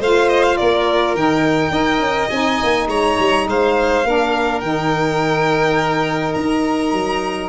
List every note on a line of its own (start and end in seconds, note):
0.00 0.58 A3
0.00 1.17 F4
0.00 0.58 C5
0.00 0.29 F5
0.29 0.43 D#5
0.43 0.57 F5
0.57 1.15 A#3
0.57 1.72 A#4
0.57 1.15 D5
1.15 1.71 D#3
1.15 1.72 D#4
1.15 2.30 G5
1.71 2.00 D#4
1.71 2.30 A#4
1.71 2.88 D#5
2.00 2.28 C#4
2.30 2.60 C4
2.30 4.05 D#4
2.30 2.88 G#5
2.64 2.88 A#3
2.88 3.17 G#3
2.88 3.47 C#5
2.88 3.48 A#5
3.19 3.48 G3
3.48 4.05 G#3
3.48 4.07 C5
3.48 4.61 F5
4.05 4.62 A#3
4.05 4.62 D4
4.05 7.50 A#4
4.61 6.36 D#3
4.61 7.50 D#4
4.61 6.34 G5
6.34 6.93 D#4
6.34 7.50 A#5
6.93 7.50 F#3